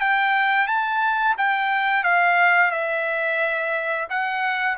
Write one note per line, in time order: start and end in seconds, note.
0.00 0.67 G5
0.67 1.35 A5
1.37 2.03 G5
2.03 2.71 F5
2.71 4.07 E5
4.09 4.77 F#5